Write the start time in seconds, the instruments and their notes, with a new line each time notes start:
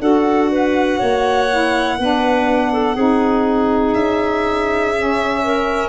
0.00 tuba D4, saxophone F#4, clarinet A4, violin F#5
0.51 clarinet B4
0.99 tuba A#3, clarinet C#5
1.50 saxophone E4
1.98 tuba B3, saxophone D4, clarinet B4
2.73 clarinet A4
2.95 tuba C4, saxophone D#4, clarinet G#4
3.94 tuba C#4, violin E5
4.95 saxophone C#4
5.43 clarinet A#4